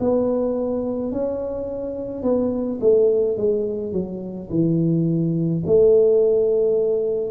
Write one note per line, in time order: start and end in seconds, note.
0.00 1.12 B3
1.12 2.23 C#4
2.23 2.79 B3
2.81 3.37 A3
3.37 3.93 G#3
3.93 4.49 F#3
4.50 5.63 E3
5.67 7.31 A3